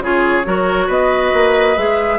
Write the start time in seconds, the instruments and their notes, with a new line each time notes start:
0.00 bassoon C#3, clarinet F4, oboe G#4, flute C#5
0.44 bassoon F#3, clarinet F#4, oboe A#4
0.87 bassoon B3, oboe B4, flute D#5
1.34 bassoon A#3
1.77 bassoon G#3, clarinet G#4, flute E5